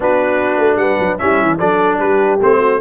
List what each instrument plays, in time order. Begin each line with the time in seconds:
0.00 tuba B3, trombone D4, horn F#4, trumpet B4
0.58 tuba A3
0.76 tuba G3, horn B4, trumpet F#5
0.99 tuba F#3
1.18 tuba G3, trombone C#4, horn E4, trumpet E5
1.42 tuba E3
1.59 tuba F#3, trombone D4, horn A4, trumpet D5
1.98 tuba G3, horn G4, trumpet B4
2.41 tuba A3, trombone C4, trumpet C5
2.58 horn F#4